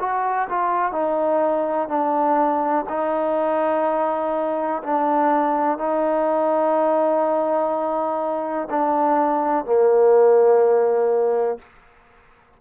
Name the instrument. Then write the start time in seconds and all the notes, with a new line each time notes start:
trombone
0.00 F#4
0.49 F4
0.92 D#4
1.89 D4
2.89 D#4
4.84 D4
5.78 D#4
8.70 D4
9.66 A#3